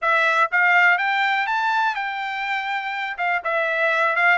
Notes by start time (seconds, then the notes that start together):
0.01 E5
0.51 F5
0.98 G5
1.46 A5
1.95 G5
3.17 F5
3.44 E5
4.16 F5